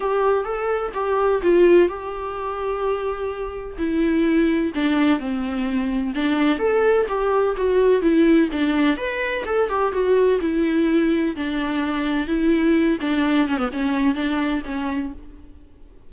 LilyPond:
\new Staff \with { instrumentName = "viola" } { \time 4/4 \tempo 4 = 127 g'4 a'4 g'4 f'4 | g'1 | e'2 d'4 c'4~ | c'4 d'4 a'4 g'4 |
fis'4 e'4 d'4 b'4 | a'8 g'8 fis'4 e'2 | d'2 e'4. d'8~ | d'8 cis'16 b16 cis'4 d'4 cis'4 | }